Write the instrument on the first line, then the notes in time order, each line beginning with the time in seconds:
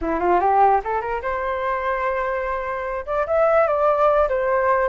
flute
0.01 E4
0.19 F4
0.40 G4
0.84 A4
1.01 A#4
1.22 C5
3.05 D5
3.26 E5
3.67 D5
4.29 C5